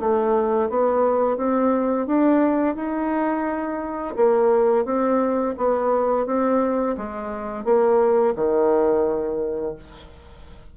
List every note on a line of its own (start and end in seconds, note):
0.00 0.69 A3
0.69 1.37 B3
1.37 2.07 C4
2.07 2.76 D4
2.76 4.15 D#4
4.16 4.85 A#3
4.85 5.55 C4
5.58 6.26 B3
6.26 6.96 C4
6.97 7.65 G#3
7.65 8.35 A#3
8.36 9.75 D#3